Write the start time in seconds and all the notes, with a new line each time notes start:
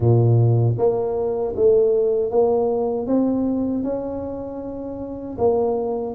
0.00 A#2
0.78 A#3
1.56 A3
2.30 A#3
3.07 C4
3.83 C#4
5.37 A#3